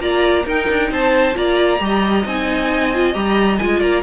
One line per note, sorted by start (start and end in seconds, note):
0.00 0.45 A#3
0.00 0.45 F4
0.00 0.45 D5
0.00 0.46 A#5
0.45 0.68 D#4
0.45 1.34 D#4
0.45 0.89 A#4
0.45 0.92 G5
0.70 0.91 D4
0.91 1.36 C4
0.91 1.37 C5
0.91 1.37 A5
1.34 1.80 A#3
1.34 1.78 F4
1.34 1.81 D5
1.34 2.26 A#5
1.79 2.25 G3
1.79 2.24 G4
1.79 3.80 D#5
2.25 3.15 C4
2.25 2.94 D#4
2.25 3.14 G#5
2.94 3.13 F4
3.13 3.60 G3
3.13 3.58 G4
3.13 3.58 A#5
3.58 3.80 G#3
3.58 4.03 F4
3.58 3.80 G#5
3.80 4.03 A#3
3.80 4.02 D5
3.80 4.03 A#5